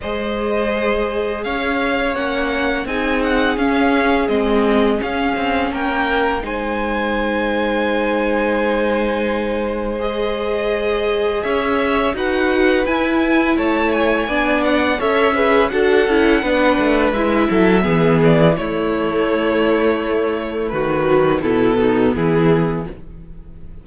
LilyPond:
<<
  \new Staff \with { instrumentName = "violin" } { \time 4/4 \tempo 4 = 84 dis''2 f''4 fis''4 | gis''8 fis''8 f''4 dis''4 f''4 | g''4 gis''2.~ | gis''2 dis''2 |
e''4 fis''4 gis''4 a''8 gis''8~ | gis''8 fis''8 e''4 fis''2 | e''4. d''8 cis''2~ | cis''4 b'4 a'4 gis'4 | }
  \new Staff \with { instrumentName = "violin" } { \time 4/4 c''2 cis''2 | gis'1 | ais'4 c''2.~ | c''1 |
cis''4 b'2 cis''4 | d''4 cis''8 b'8 a'4 b'4~ | b'8 a'8 gis'4 e'2~ | e'4 fis'4 e'8 dis'8 e'4 | }
  \new Staff \with { instrumentName = "viola" } { \time 4/4 gis'2. cis'4 | dis'4 cis'4 c'4 cis'4~ | cis'4 dis'2.~ | dis'2 gis'2~ |
gis'4 fis'4 e'2 | d'4 a'8 gis'8 fis'8 e'8 d'4 | e'4 b4 a2~ | a4. fis8 b2 | }
  \new Staff \with { instrumentName = "cello" } { \time 4/4 gis2 cis'4 ais4 | c'4 cis'4 gis4 cis'8 c'8 | ais4 gis2.~ | gis1 |
cis'4 dis'4 e'4 a4 | b4 cis'4 d'8 cis'8 b8 a8 | gis8 fis8 e4 a2~ | a4 dis4 b,4 e4 | }
>>